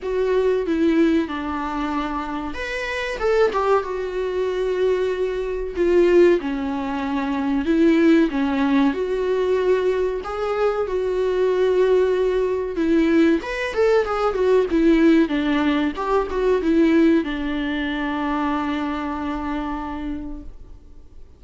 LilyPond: \new Staff \with { instrumentName = "viola" } { \time 4/4 \tempo 4 = 94 fis'4 e'4 d'2 | b'4 a'8 g'8 fis'2~ | fis'4 f'4 cis'2 | e'4 cis'4 fis'2 |
gis'4 fis'2. | e'4 b'8 a'8 gis'8 fis'8 e'4 | d'4 g'8 fis'8 e'4 d'4~ | d'1 | }